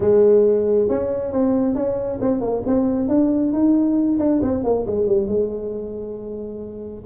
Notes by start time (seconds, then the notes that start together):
0.00 G#3
0.88 C#4
1.32 C4
1.75 C#4
2.21 C4
2.40 A#3
2.66 C4
3.08 D4
3.52 D#4
4.19 D4
4.42 C4
4.63 A#3
4.86 G#3
5.06 G3
5.27 G#3